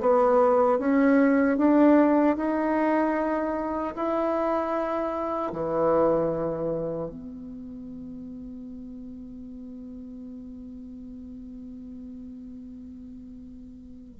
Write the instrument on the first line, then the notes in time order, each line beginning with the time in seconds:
bassoon
0.00 B3
0.78 C#4
1.57 D4
2.36 D#4
3.95 E4
5.52 E3
7.09 B3